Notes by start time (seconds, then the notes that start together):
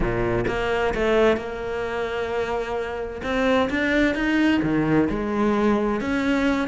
0.00 A#2
0.47 A#3
0.94 A3
1.36 A#3
3.23 C4
3.70 D4
4.14 D#4
4.62 D#3
5.09 G#3
6.00 C#4